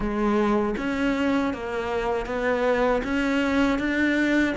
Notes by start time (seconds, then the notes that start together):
0.00 G#3
0.77 C#4
1.53 A#3
2.25 B3
3.03 C#4
3.78 D4